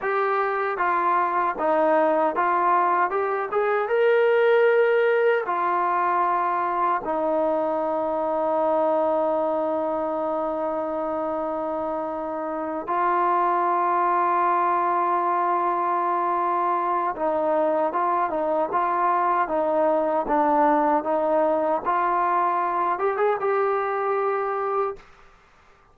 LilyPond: \new Staff \with { instrumentName = "trombone" } { \time 4/4 \tempo 4 = 77 g'4 f'4 dis'4 f'4 | g'8 gis'8 ais'2 f'4~ | f'4 dis'2.~ | dis'1~ |
dis'8 f'2.~ f'8~ | f'2 dis'4 f'8 dis'8 | f'4 dis'4 d'4 dis'4 | f'4. g'16 gis'16 g'2 | }